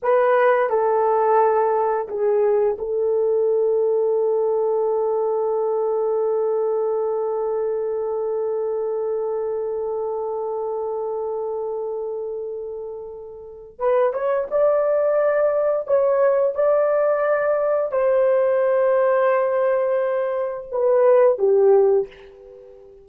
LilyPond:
\new Staff \with { instrumentName = "horn" } { \time 4/4 \tempo 4 = 87 b'4 a'2 gis'4 | a'1~ | a'1~ | a'1~ |
a'1 | b'8 cis''8 d''2 cis''4 | d''2 c''2~ | c''2 b'4 g'4 | }